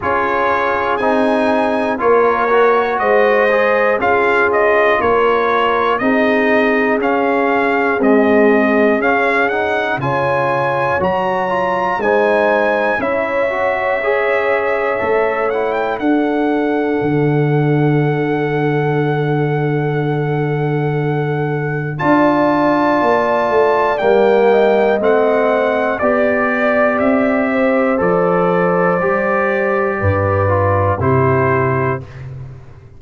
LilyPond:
<<
  \new Staff \with { instrumentName = "trumpet" } { \time 4/4 \tempo 4 = 60 cis''4 gis''4 cis''4 dis''4 | f''8 dis''8 cis''4 dis''4 f''4 | dis''4 f''8 fis''8 gis''4 ais''4 | gis''4 e''2~ e''8 fis''16 g''16 |
fis''1~ | fis''2 a''2 | g''4 fis''4 d''4 e''4 | d''2. c''4 | }
  \new Staff \with { instrumentName = "horn" } { \time 4/4 gis'2 ais'4 c''4 | gis'4 ais'4 gis'2~ | gis'2 cis''2 | c''4 cis''2. |
a'1~ | a'2 d''2~ | d''8 dis''4. d''4. c''8~ | c''2 b'4 g'4 | }
  \new Staff \with { instrumentName = "trombone" } { \time 4/4 f'4 dis'4 f'8 fis'4 gis'8 | f'2 dis'4 cis'4 | gis4 cis'8 dis'8 f'4 fis'8 f'8 | dis'4 e'8 fis'8 gis'4 a'8 e'8 |
d'1~ | d'2 f'2 | ais4 c'4 g'2 | a'4 g'4. f'8 e'4 | }
  \new Staff \with { instrumentName = "tuba" } { \time 4/4 cis'4 c'4 ais4 gis4 | cis'4 ais4 c'4 cis'4 | c'4 cis'4 cis4 fis4 | gis4 cis'2 a4 |
d'4 d2.~ | d2 d'4 ais8 a8 | g4 a4 b4 c'4 | f4 g4 g,4 c4 | }
>>